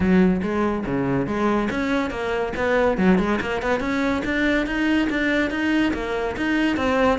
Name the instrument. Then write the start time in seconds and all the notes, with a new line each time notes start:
cello
0.00 F#3
0.42 G#3
0.86 C#3
1.26 G#3
1.70 C#4
2.10 A#3
2.56 B3
2.97 F#3
3.18 G#3
3.40 A#3
3.62 B3
3.80 C#4
4.24 D4
4.66 D#4
5.09 D4
5.50 D#4
5.93 A#3
6.36 D#4
6.76 C4